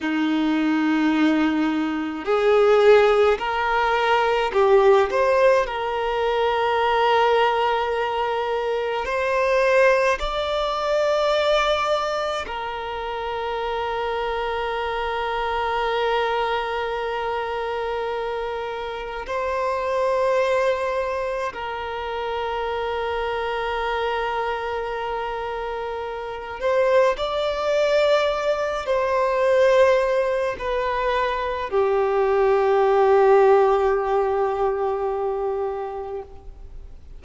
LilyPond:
\new Staff \with { instrumentName = "violin" } { \time 4/4 \tempo 4 = 53 dis'2 gis'4 ais'4 | g'8 c''8 ais'2. | c''4 d''2 ais'4~ | ais'1~ |
ais'4 c''2 ais'4~ | ais'2.~ ais'8 c''8 | d''4. c''4. b'4 | g'1 | }